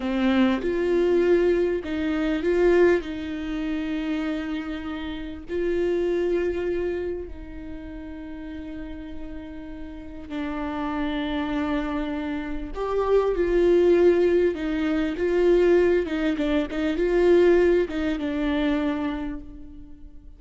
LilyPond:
\new Staff \with { instrumentName = "viola" } { \time 4/4 \tempo 4 = 99 c'4 f'2 dis'4 | f'4 dis'2.~ | dis'4 f'2. | dis'1~ |
dis'4 d'2.~ | d'4 g'4 f'2 | dis'4 f'4. dis'8 d'8 dis'8 | f'4. dis'8 d'2 | }